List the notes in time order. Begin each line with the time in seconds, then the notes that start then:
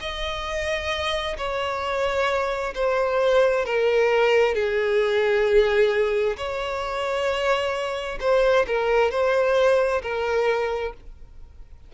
0.00 D#5
1.37 C#5
2.74 C5
3.65 A#4
4.55 G#4
6.36 C#5
8.20 C5
8.67 A#4
9.10 C5
10.02 A#4